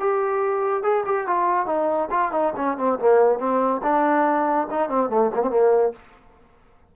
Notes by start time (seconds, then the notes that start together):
0.00 G4
0.84 G#4
1.06 G4
1.27 F4
1.67 D#4
2.11 F4
2.32 D#4
2.56 C#4
2.78 C4
2.99 A#3
3.39 C4
3.83 D4
4.71 D#4
4.90 C4
5.10 A3
5.35 A#3
5.43 C4
5.51 A#3